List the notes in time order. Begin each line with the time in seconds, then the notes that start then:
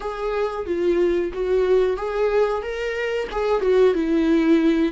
0.00 G#4
0.66 F4
1.33 F#4
1.96 G#4
2.62 A#4
3.31 G#4
3.61 F#4
3.94 E4